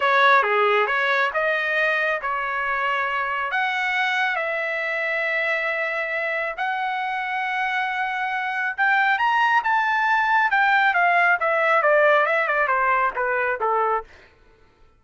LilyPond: \new Staff \with { instrumentName = "trumpet" } { \time 4/4 \tempo 4 = 137 cis''4 gis'4 cis''4 dis''4~ | dis''4 cis''2. | fis''2 e''2~ | e''2. fis''4~ |
fis''1 | g''4 ais''4 a''2 | g''4 f''4 e''4 d''4 | e''8 d''8 c''4 b'4 a'4 | }